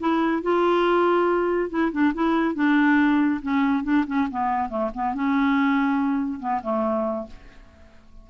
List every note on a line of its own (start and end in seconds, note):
0.00 0.43 E4
0.43 1.70 F4
1.70 1.92 E4
1.92 2.14 D4
2.14 2.55 E4
2.55 3.41 D4
3.42 3.84 C#4
3.84 4.05 D4
4.07 4.28 C#4
4.31 4.69 B3
4.69 4.91 A3
4.94 5.15 B3
5.15 6.40 C#4
6.40 6.61 B3
6.63 7.27 A3